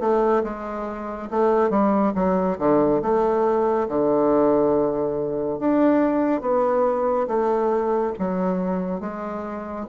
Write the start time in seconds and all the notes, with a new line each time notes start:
0.00 A3
0.44 G#3
1.30 A3
1.70 G3
2.15 F#3
2.58 D3
3.02 A3
3.88 D3
5.59 D4
6.41 B3
7.27 A3
8.19 F#3
9.00 G#3